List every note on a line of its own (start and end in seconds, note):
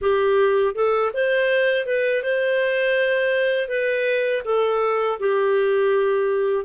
0.01 0.74 G4
0.74 1.11 A4
1.13 1.86 C5
1.86 2.22 B4
2.22 3.68 C5
3.68 4.42 B4
4.44 5.19 A4
5.19 6.65 G4